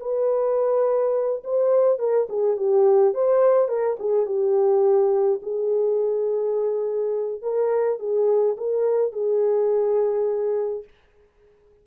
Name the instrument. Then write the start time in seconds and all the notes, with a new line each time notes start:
horn
0.00 B4
1.44 C5
1.99 A#4
2.29 G#4
2.57 G4
3.14 C5
3.68 A#4
3.99 G#4
4.26 G4
5.43 G#4
7.42 A#4
7.99 G#4
8.57 A#4
9.12 G#4